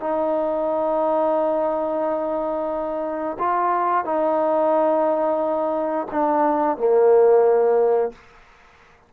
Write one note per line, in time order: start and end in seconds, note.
0.00 3.37 D#4
3.39 4.05 F4
4.05 6.07 D#4
6.11 6.77 D4
6.77 8.12 A#3